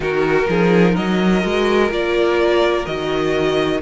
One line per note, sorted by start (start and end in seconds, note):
0.00 0.47 D#3
0.00 1.41 D#4
0.00 0.47 F#4
0.00 0.95 A#4
0.48 0.96 F3
0.48 0.92 G#4
0.92 1.44 F#3
0.92 3.77 A#4
0.92 1.91 D#5
1.41 1.90 G#3
1.41 1.89 F#4
1.90 2.85 A#3
1.90 2.85 F4
1.90 2.85 D5
2.85 3.81 D#3
2.85 3.82 F#4
2.85 3.80 D#5